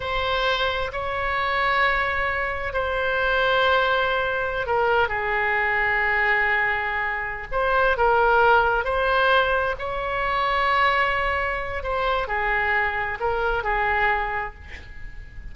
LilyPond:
\new Staff \with { instrumentName = "oboe" } { \time 4/4 \tempo 4 = 132 c''2 cis''2~ | cis''2 c''2~ | c''2~ c''16 ais'4 gis'8.~ | gis'1~ |
gis'8 c''4 ais'2 c''8~ | c''4. cis''2~ cis''8~ | cis''2 c''4 gis'4~ | gis'4 ais'4 gis'2 | }